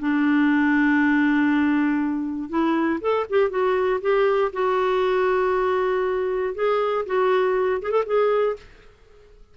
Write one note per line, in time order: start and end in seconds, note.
0.00 2.50 D4
2.50 3.00 E4
3.01 3.26 A4
3.30 3.51 G4
3.51 4.01 F#4
4.01 4.52 G4
4.53 6.55 F#4
6.55 7.06 G#4
7.06 7.82 F#4
7.82 7.92 G#4
7.92 8.04 A4
8.06 8.57 G#4